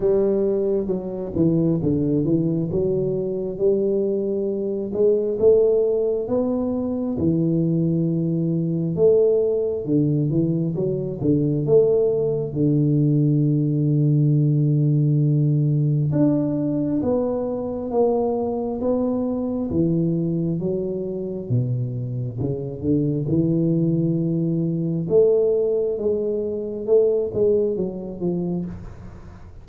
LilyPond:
\new Staff \with { instrumentName = "tuba" } { \time 4/4 \tempo 4 = 67 g4 fis8 e8 d8 e8 fis4 | g4. gis8 a4 b4 | e2 a4 d8 e8 | fis8 d8 a4 d2~ |
d2 d'4 b4 | ais4 b4 e4 fis4 | b,4 cis8 d8 e2 | a4 gis4 a8 gis8 fis8 f8 | }